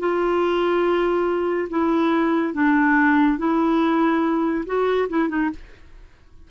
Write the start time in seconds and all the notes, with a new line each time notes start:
0.00 F4
1.70 E4
2.54 D4
3.39 E4
4.67 F#4
5.10 E4
5.30 D#4